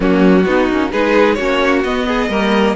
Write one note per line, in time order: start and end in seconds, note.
0.00 0.45 F#3
0.00 0.46 A#3
0.00 0.45 C#4
0.00 0.91 F#4
0.45 0.68 B3
0.45 0.71 B3
0.45 0.91 D#4
0.69 0.92 A#3
0.69 0.92 C#4
0.91 1.38 G#3
0.91 1.37 D#4
0.91 1.37 G#4
0.91 1.34 B4
1.34 1.84 A#3
1.34 1.84 C#4
1.34 2.06 F#4
1.34 1.80 C#5
1.84 2.28 B3
1.84 2.30 B3
1.84 2.75 D#5
2.07 2.30 G#4
2.28 2.74 G3
2.28 2.75 A#3
2.28 2.75 A#4